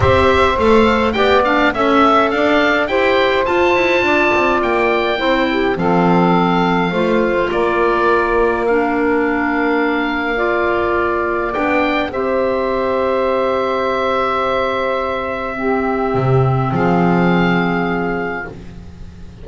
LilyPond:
<<
  \new Staff \with { instrumentName = "oboe" } { \time 4/4 \tempo 4 = 104 e''4 f''4 g''8 f''8 e''4 | f''4 g''4 a''2 | g''2 f''2~ | f''4 d''2 f''4~ |
f''1 | g''4 e''2.~ | e''1~ | e''4 f''2. | }
  \new Staff \with { instrumentName = "saxophone" } { \time 4/4 c''2 d''4 e''4 | d''4 c''2 d''4~ | d''4 c''8 g'8 a'2 | c''4 ais'2.~ |
ais'2 d''2~ | d''4 c''2.~ | c''2. g'4~ | g'4 gis'2. | }
  \new Staff \with { instrumentName = "clarinet" } { \time 4/4 g'4 a'4 g'8 d'8 a'4~ | a'4 g'4 f'2~ | f'4 e'4 c'2 | f'2. d'4~ |
d'2 f'2 | d'4 g'2.~ | g'2. c'4~ | c'1 | }
  \new Staff \with { instrumentName = "double bass" } { \time 4/4 c'4 a4 b4 cis'4 | d'4 e'4 f'8 e'8 d'8 c'8 | ais4 c'4 f2 | a4 ais2.~ |
ais1 | b4 c'2.~ | c'1 | c4 f2. | }
>>